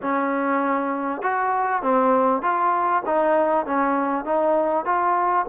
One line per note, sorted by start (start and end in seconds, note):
0.02 1.21 C#4
1.21 1.82 F#4
1.82 2.42 C4
2.42 3.02 F4
3.06 3.66 D#4
3.66 4.25 C#4
4.25 4.85 D#4
4.85 5.45 F4